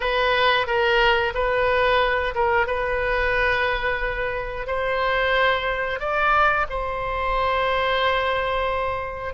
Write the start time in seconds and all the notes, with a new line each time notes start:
0.00 B4
0.66 A#4
1.34 B4
2.34 A#4
2.67 B4
4.66 C5
5.99 D5
6.69 C5